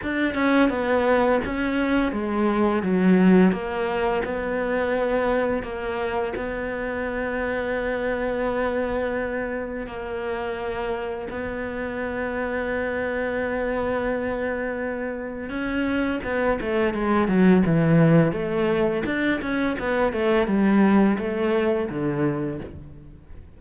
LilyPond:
\new Staff \with { instrumentName = "cello" } { \time 4/4 \tempo 4 = 85 d'8 cis'8 b4 cis'4 gis4 | fis4 ais4 b2 | ais4 b2.~ | b2 ais2 |
b1~ | b2 cis'4 b8 a8 | gis8 fis8 e4 a4 d'8 cis'8 | b8 a8 g4 a4 d4 | }